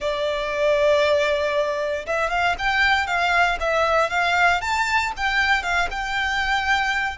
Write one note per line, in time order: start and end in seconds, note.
0.00 2.05 D5
2.06 2.30 E5
2.30 2.55 F5
2.58 3.07 G5
3.07 3.58 F5
3.59 4.09 E5
4.09 4.61 F5
4.61 5.12 A5
5.16 5.62 G5
5.62 5.88 F5
5.90 7.17 G5